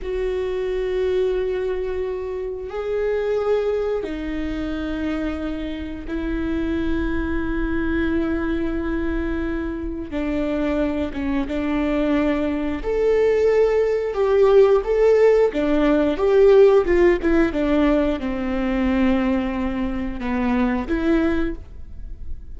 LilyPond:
\new Staff \with { instrumentName = "viola" } { \time 4/4 \tempo 4 = 89 fis'1 | gis'2 dis'2~ | dis'4 e'2.~ | e'2. d'4~ |
d'8 cis'8 d'2 a'4~ | a'4 g'4 a'4 d'4 | g'4 f'8 e'8 d'4 c'4~ | c'2 b4 e'4 | }